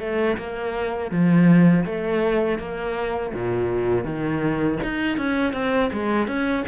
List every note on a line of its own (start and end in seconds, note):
0.00 0.37 A3
0.38 1.11 A#3
1.11 1.85 F3
1.86 2.59 A3
2.59 3.33 A#3
3.34 4.05 A#2
4.05 4.79 D#3
4.84 5.18 D#4
5.18 5.53 C#4
5.53 5.90 C4
5.93 6.28 G#3
6.28 6.65 C#4